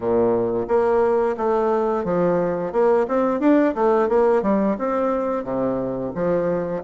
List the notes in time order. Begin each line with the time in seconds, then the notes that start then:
0.00 A#2
0.68 A#3
1.37 A3
2.04 F3
2.72 A#3
3.08 C4
3.40 D4
3.74 A3
4.08 A#3
4.42 G3
4.78 C4
5.44 C3
6.14 F3